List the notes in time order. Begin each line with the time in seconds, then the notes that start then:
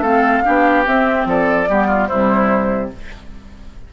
0.00 A3 C4 A4 F5
0.44 B3 D4 G4
0.86 C4 E5
1.25 F3 A4 D5
1.69 G3 B3 G4
1.87 F4
2.07 C3 G3 E4 C5